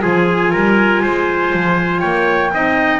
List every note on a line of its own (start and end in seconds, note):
0.00 0.53 F3
0.00 2.50 F4
0.00 0.51 G#4
0.00 2.00 G#5
0.51 1.02 G3
0.51 1.01 A#4
1.02 1.52 G#3
1.02 2.00 C5
1.52 2.02 F3
2.00 2.53 A#3
2.00 2.50 C#5
2.00 3.00 G5
2.53 3.00 C4
2.53 3.00 D#4
2.53 3.00 D#5